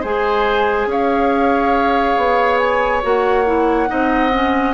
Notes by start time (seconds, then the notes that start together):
0.00 G#3 G#4 C5 G#5
0.86 C#4 C#5 F5
2.17 B3
2.58 G#5
3.02 A#3 F#4 F#5
3.45 E4
3.87 C4 D#4 D#5
4.32 C#4